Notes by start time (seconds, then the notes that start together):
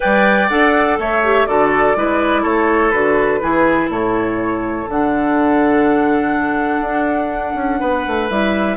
0.00 G3 B4 D5 G5
0.49 D4 A4 F#5
0.98 A3 C#5 E5
1.23 G4
1.46 D3 F#4 A4 D5
1.95 G#3 E4 B4
2.41 A3 A4 C#5
2.90 D3 F#4 B4
3.40 E3 E4 G#4
3.89 A2 A4 C#5
4.88 D3 D4 F#5
6.80 D4
7.54 C#4
7.79 B3 B4
8.06 A3
8.29 G3 E4 E5